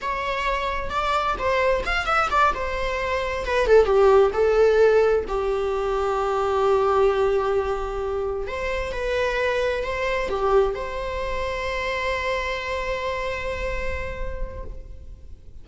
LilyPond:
\new Staff \with { instrumentName = "viola" } { \time 4/4 \tempo 4 = 131 cis''2 d''4 c''4 | f''8 e''8 d''8 c''2 b'8 | a'8 g'4 a'2 g'8~ | g'1~ |
g'2~ g'8 c''4 b'8~ | b'4. c''4 g'4 c''8~ | c''1~ | c''1 | }